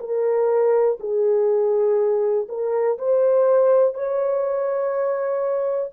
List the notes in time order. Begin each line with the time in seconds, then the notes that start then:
0.00 A#4
1.00 G#4
2.49 A#4
2.99 C5
3.95 C#5